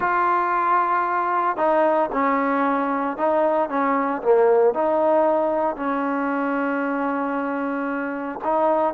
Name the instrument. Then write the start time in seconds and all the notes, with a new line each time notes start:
trombone
0.00 F4
1.56 D#4
2.12 C#4
3.17 D#4
3.69 C#4
4.22 A#3
4.73 D#4
5.76 C#4
8.44 D#4